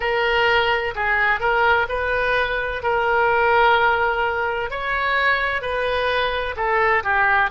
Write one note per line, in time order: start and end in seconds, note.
0.00 0.94 A#4
0.95 1.40 G#4
1.40 1.87 A#4
1.88 2.82 B4
2.83 4.70 A#4
4.70 5.61 C#5
5.61 6.55 B4
6.56 7.03 A4
7.03 7.50 G4